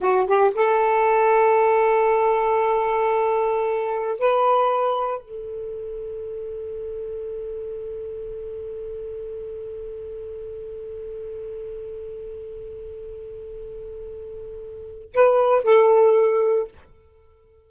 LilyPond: \new Staff \with { instrumentName = "saxophone" } { \time 4/4 \tempo 4 = 115 fis'8 g'8 a'2.~ | a'1 | b'2 a'2~ | a'1~ |
a'1~ | a'1~ | a'1~ | a'4 b'4 a'2 | }